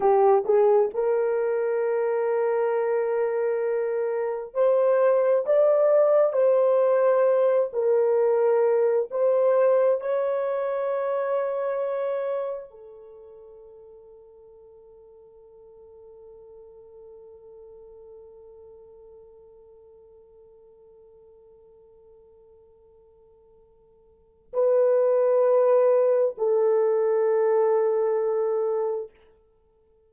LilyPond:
\new Staff \with { instrumentName = "horn" } { \time 4/4 \tempo 4 = 66 g'8 gis'8 ais'2.~ | ais'4 c''4 d''4 c''4~ | c''8 ais'4. c''4 cis''4~ | cis''2 a'2~ |
a'1~ | a'1~ | a'2. b'4~ | b'4 a'2. | }